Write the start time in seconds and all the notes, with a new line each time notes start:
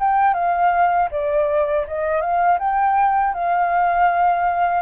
0.00 G5
0.34 F5
1.11 D5
1.88 D#5
2.21 F5
2.59 G5
3.34 F5